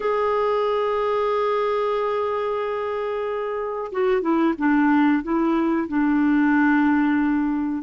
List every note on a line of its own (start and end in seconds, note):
0.00 3.91 G#4
3.92 4.21 F#4
4.21 4.54 E4
4.57 5.22 D4
5.22 5.88 E4
5.88 7.83 D4